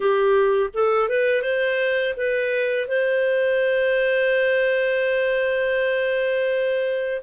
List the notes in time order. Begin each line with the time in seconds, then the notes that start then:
0.00 G4
0.73 A4
1.08 B4
1.42 C5
2.17 B4
2.87 C5